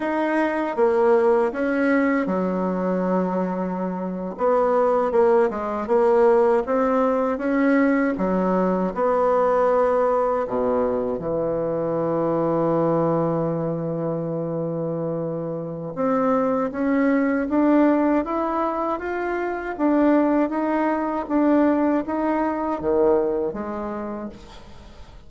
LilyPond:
\new Staff \with { instrumentName = "bassoon" } { \time 4/4 \tempo 4 = 79 dis'4 ais4 cis'4 fis4~ | fis4.~ fis16 b4 ais8 gis8 ais16~ | ais8. c'4 cis'4 fis4 b16~ | b4.~ b16 b,4 e4~ e16~ |
e1~ | e4 c'4 cis'4 d'4 | e'4 f'4 d'4 dis'4 | d'4 dis'4 dis4 gis4 | }